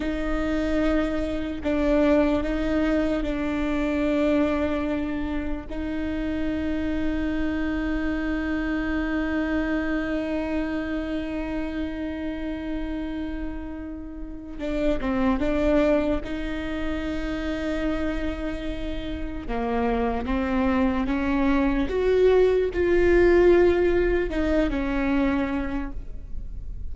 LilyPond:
\new Staff \with { instrumentName = "viola" } { \time 4/4 \tempo 4 = 74 dis'2 d'4 dis'4 | d'2. dis'4~ | dis'1~ | dis'1~ |
dis'2 d'8 c'8 d'4 | dis'1 | ais4 c'4 cis'4 fis'4 | f'2 dis'8 cis'4. | }